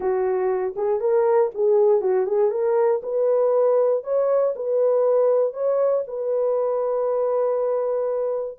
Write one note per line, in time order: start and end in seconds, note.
0.00 0.74 F#4
0.76 1.00 G#4
1.00 1.50 A#4
1.54 2.01 G#4
2.01 2.26 F#4
2.26 2.50 G#4
2.50 3.01 A#4
3.03 4.03 B4
4.03 4.54 C#5
4.55 5.53 B4
5.53 6.03 C#5
6.07 8.58 B4